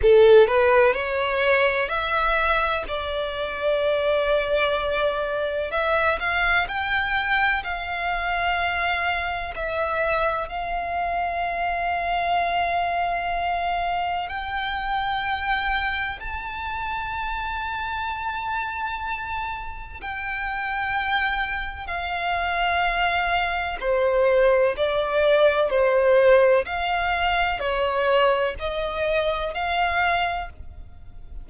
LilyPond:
\new Staff \with { instrumentName = "violin" } { \time 4/4 \tempo 4 = 63 a'8 b'8 cis''4 e''4 d''4~ | d''2 e''8 f''8 g''4 | f''2 e''4 f''4~ | f''2. g''4~ |
g''4 a''2.~ | a''4 g''2 f''4~ | f''4 c''4 d''4 c''4 | f''4 cis''4 dis''4 f''4 | }